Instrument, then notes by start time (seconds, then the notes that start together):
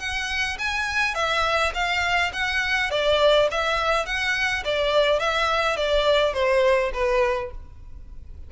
violin
0.00 F#5
0.59 G#5
1.15 E5
1.75 F5
2.34 F#5
2.91 D5
3.52 E5
4.06 F#5
4.65 D5
5.20 E5
5.77 D5
6.34 C5
6.94 B4